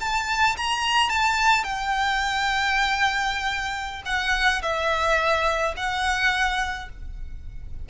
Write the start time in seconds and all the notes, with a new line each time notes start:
0.00 A5
0.57 A#5
1.09 A5
1.64 G5
4.05 F#5
4.62 E5
5.77 F#5